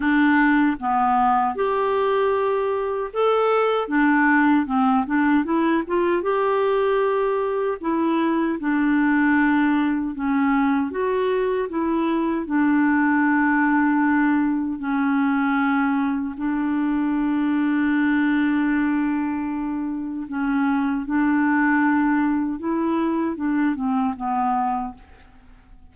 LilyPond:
\new Staff \with { instrumentName = "clarinet" } { \time 4/4 \tempo 4 = 77 d'4 b4 g'2 | a'4 d'4 c'8 d'8 e'8 f'8 | g'2 e'4 d'4~ | d'4 cis'4 fis'4 e'4 |
d'2. cis'4~ | cis'4 d'2.~ | d'2 cis'4 d'4~ | d'4 e'4 d'8 c'8 b4 | }